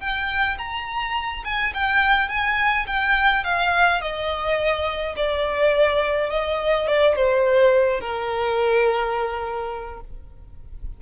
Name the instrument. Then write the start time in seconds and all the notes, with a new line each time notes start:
violin
0.00 G5
0.58 A#5
1.45 G#5
1.74 G5
2.29 G#5
2.87 G5
3.44 F5
4.01 D#5
5.17 D5
6.30 D#5
6.87 D5
7.16 C5
8.01 A#4